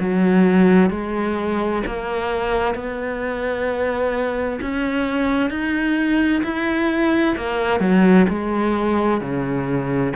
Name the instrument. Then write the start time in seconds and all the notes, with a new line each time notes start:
cello
0.00 F#3
0.91 G#3
1.87 A#3
2.75 B3
4.62 C#4
5.50 D#4
6.44 E4
7.37 A#3
7.80 F#3
8.30 G#3
9.21 C#3